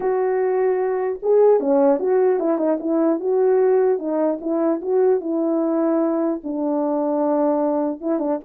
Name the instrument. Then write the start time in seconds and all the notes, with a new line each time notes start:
horn
0.00 F#4
1.22 G#4
1.60 C#4
1.99 F#4
2.39 E4
2.58 D#4
2.79 E4
3.20 F#4
3.99 D#4
4.40 E4
4.81 F#4
5.20 E4
6.43 D4
8.00 E4
8.19 D4